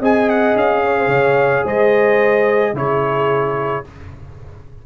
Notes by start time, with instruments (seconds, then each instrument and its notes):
0.00 tuba C4, trombone G#4, horn D#5, trumpet G#5
0.30 trumpet F#5
0.55 tuba C#4, trumpet F5
0.85 horn C#5
0.99 horn C5
1.07 tuba C#3, horn C#5
1.64 tuba G#3, horn C5, trumpet D#5
2.73 tuba C#3, trombone E4, horn G#4, trumpet C#5